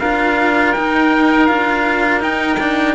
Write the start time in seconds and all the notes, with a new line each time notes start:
0.00 D4 F4 A#4 F5
0.73 D#4 G5
1.47 D4 F4 F5
2.20 D#4 G5
2.60 D4